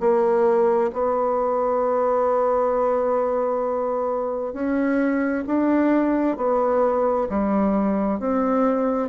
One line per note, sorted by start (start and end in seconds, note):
0.00 0.91 A#3
0.93 4.53 B3
4.53 5.44 C#4
5.47 6.37 D4
6.37 7.28 B3
7.29 8.19 G3
8.19 9.09 C4